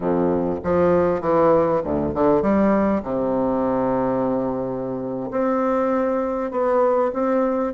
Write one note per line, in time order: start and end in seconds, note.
0.00 0.59 F2
0.63 1.21 F3
1.21 1.81 E3
1.83 2.14 D2
2.14 2.42 D3
2.42 3.02 G3
3.02 5.29 C3
5.31 6.51 C4
6.51 7.11 B3
7.13 7.73 C4